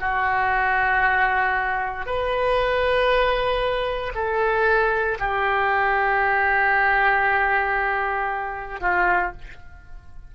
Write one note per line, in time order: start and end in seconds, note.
0.00 2.05 F#4
2.05 4.12 B4
4.14 5.18 A4
5.19 8.80 G4
8.80 9.32 F4